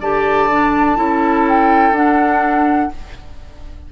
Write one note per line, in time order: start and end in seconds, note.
0.00 0.96 D3
0.00 0.50 G4
0.00 0.97 D5
0.00 1.46 A5
0.50 0.96 D4
0.96 1.91 C#4
0.96 1.92 E4
0.96 2.91 A4
1.47 1.95 G5
1.91 2.88 D4
1.91 2.91 D4
1.91 2.92 F#5